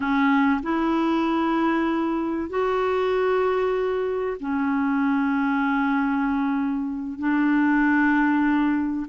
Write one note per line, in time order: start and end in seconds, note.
0.00 0.60 C#4
0.62 2.49 E4
2.49 4.37 F#4
4.39 7.18 C#4
7.18 9.06 D4